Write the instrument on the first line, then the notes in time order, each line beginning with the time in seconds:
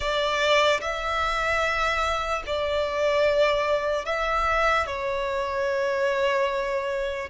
violin
0.00 D5
0.81 E5
2.46 D5
4.05 E5
4.86 C#5